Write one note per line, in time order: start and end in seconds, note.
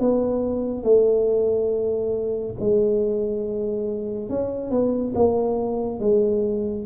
0.00 0.83 B3
0.83 2.55 A3
2.60 4.29 G#3
4.29 4.71 C#4
4.71 5.14 B3
5.15 6.00 A#3
6.00 6.86 G#3